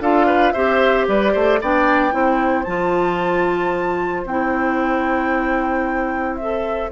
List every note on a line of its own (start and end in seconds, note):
0.00 0.53 D4
0.00 0.55 F4
0.00 0.26 A4
0.00 0.53 F5
0.26 0.53 B4
0.53 1.08 C4
0.53 1.61 G4
0.53 1.06 C5
0.53 1.06 E5
1.08 1.34 G3
1.08 1.33 B4
1.08 1.61 D5
1.33 1.61 A3
1.33 1.59 C5
1.61 2.14 B3
1.61 2.11 D4
1.61 2.14 D5
1.61 2.64 G5
2.11 2.66 C4
2.11 2.64 E4
2.11 6.92 C5
2.64 4.25 F3
2.64 4.26 F4
2.64 4.23 A5
4.25 6.90 C4
4.25 6.40 E4
4.25 6.36 G5
6.36 6.92 A4
6.36 6.89 E5